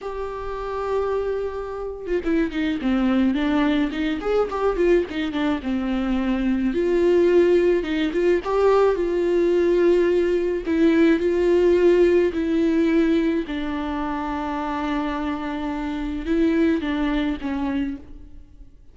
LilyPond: \new Staff \with { instrumentName = "viola" } { \time 4/4 \tempo 4 = 107 g'2.~ g'8. f'16 | e'8 dis'8 c'4 d'4 dis'8 gis'8 | g'8 f'8 dis'8 d'8 c'2 | f'2 dis'8 f'8 g'4 |
f'2. e'4 | f'2 e'2 | d'1~ | d'4 e'4 d'4 cis'4 | }